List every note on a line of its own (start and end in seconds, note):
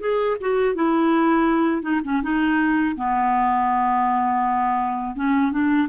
0.00 0.37 G#4
0.40 0.75 F#4
0.75 1.82 E4
1.82 2.00 D#4
2.04 2.22 C#4
2.23 2.96 D#4
2.96 5.16 B3
5.16 5.51 C#4
5.51 5.88 D4